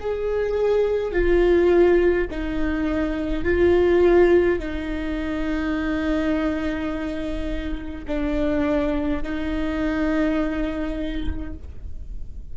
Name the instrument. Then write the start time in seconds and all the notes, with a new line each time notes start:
viola
0.00 G#4
1.12 F4
2.31 D#4
3.44 F4
4.59 D#4
8.07 D4
9.23 D#4